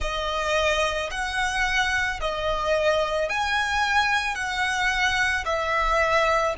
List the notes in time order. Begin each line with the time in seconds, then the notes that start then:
0.00 D#5
1.11 F#5
2.20 D#5
3.29 G#5
4.35 F#5
5.45 E5